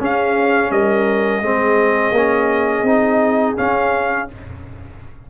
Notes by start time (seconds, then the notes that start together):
0.00 C#4 G#4 F5
0.71 G3 A#4 D#5
1.42 G#3 C4 G#4
2.12 A#3 C#4
2.83 C4 D#4
3.57 C#4 F5